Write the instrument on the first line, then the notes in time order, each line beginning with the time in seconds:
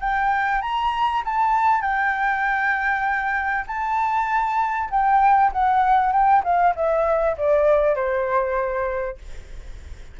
flute
0.00 G5
0.61 A#5
1.25 A5
1.81 G5
3.67 A5
4.90 G5
5.52 F#5
6.12 G5
6.44 F5
6.75 E5
7.37 D5
7.95 C5